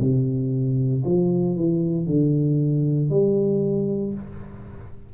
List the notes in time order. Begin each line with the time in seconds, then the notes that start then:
0.00 C3
1.05 F3
1.57 E3
2.06 D3
3.10 G3